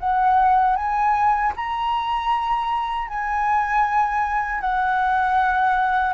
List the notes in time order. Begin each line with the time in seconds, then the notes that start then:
0.00 F#5
0.76 G#5
1.56 A#5
3.08 G#5
4.61 F#5